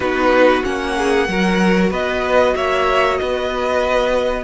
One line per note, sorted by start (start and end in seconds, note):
0.00 0.62 B3
0.00 0.63 D#4
0.00 0.95 F#4
0.00 0.63 B4
0.63 1.28 A#3
0.63 1.27 C#4
0.63 1.92 F#5
0.97 1.29 G#4
1.28 1.90 F#3
1.28 4.43 F#4
1.28 1.90 A#4
1.90 2.54 B3
1.90 2.54 B4
1.90 2.56 D#5
2.55 3.20 A#3
2.55 3.19 C#5
2.55 3.17 E5
3.17 4.43 B3
3.17 4.43 B4
3.17 4.43 D#5